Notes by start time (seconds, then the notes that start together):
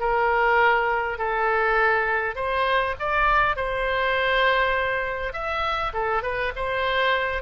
0.00 A#4
1.19 A4
2.36 C5
3.00 D5
3.56 C5
5.33 E5
5.94 A4
6.23 B4
6.56 C5